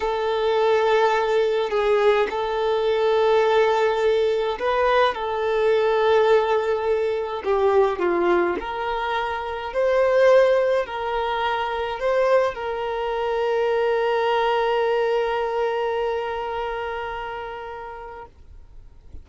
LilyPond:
\new Staff \with { instrumentName = "violin" } { \time 4/4 \tempo 4 = 105 a'2. gis'4 | a'1 | b'4 a'2.~ | a'4 g'4 f'4 ais'4~ |
ais'4 c''2 ais'4~ | ais'4 c''4 ais'2~ | ais'1~ | ais'1 | }